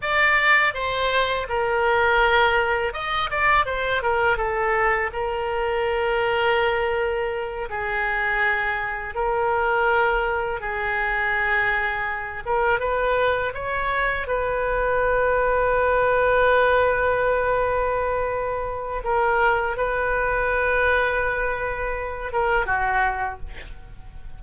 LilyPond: \new Staff \with { instrumentName = "oboe" } { \time 4/4 \tempo 4 = 82 d''4 c''4 ais'2 | dis''8 d''8 c''8 ais'8 a'4 ais'4~ | ais'2~ ais'8 gis'4.~ | gis'8 ais'2 gis'4.~ |
gis'4 ais'8 b'4 cis''4 b'8~ | b'1~ | b'2 ais'4 b'4~ | b'2~ b'8 ais'8 fis'4 | }